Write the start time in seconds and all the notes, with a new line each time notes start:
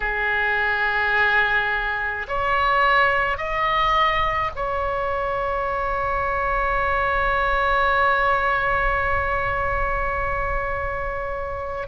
0.00 G#4
2.27 C#5
3.37 D#5
4.55 C#5